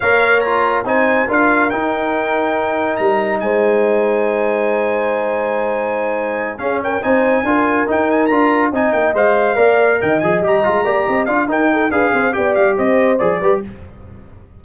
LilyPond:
<<
  \new Staff \with { instrumentName = "trumpet" } { \time 4/4 \tempo 4 = 141 f''4 ais''4 gis''4 f''4 | g''2. ais''4 | gis''1~ | gis''2.~ gis''8 f''8 |
g''8 gis''2 g''8 gis''8 ais''8~ | ais''8 gis''8 g''8 f''2 g''8 | gis''8 ais''2 f''8 g''4 | f''4 g''8 f''8 dis''4 d''4 | }
  \new Staff \with { instrumentName = "horn" } { \time 4/4 cis''2 c''4 ais'4~ | ais'1 | c''1~ | c''2.~ c''8 gis'8 |
ais'8 c''4 ais'2~ ais'8~ | ais'8 dis''2 d''4 dis''8~ | dis''4. d''8 dis''8 d''8 ais'8 a'8 | b'8 c''8 d''4 c''4. b'8 | }
  \new Staff \with { instrumentName = "trombone" } { \time 4/4 ais'4 f'4 dis'4 f'4 | dis'1~ | dis'1~ | dis'2.~ dis'8 cis'8~ |
cis'8 dis'4 f'4 dis'4 f'8~ | f'8 dis'4 c''4 ais'4. | gis'8 g'8 f'8 g'4 f'8 dis'4 | gis'4 g'2 gis'8 g'8 | }
  \new Staff \with { instrumentName = "tuba" } { \time 4/4 ais2 c'4 d'4 | dis'2. g4 | gis1~ | gis2.~ gis8 cis'8~ |
cis'8 c'4 d'4 dis'4 d'8~ | d'8 c'8 ais8 gis4 ais4 dis8 | f8 g8 gis8 ais8 c'8 d'8 dis'4 | d'8 c'8 b8 g8 c'4 f8 g8 | }
>>